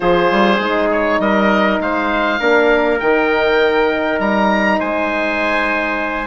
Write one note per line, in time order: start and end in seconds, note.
0.00 0.31 F3
0.00 0.59 F4
0.00 1.21 G#4
0.00 0.89 C5
0.31 0.59 G3
0.59 1.19 G#3
0.59 2.40 D#4
0.91 1.20 C#5
1.19 1.79 G3
1.19 1.81 A#4
1.19 1.80 D#5
1.80 2.40 G#3
1.80 2.39 C5
1.80 2.99 F5
2.39 3.00 A#3
2.39 3.00 D4
2.39 4.79 A#4
2.99 4.19 D#3
2.99 6.27 D#4
2.99 4.19 G5
4.19 4.79 G3
4.19 4.80 A#5
4.79 6.27 G#3
4.79 6.27 C5
4.79 6.27 G#5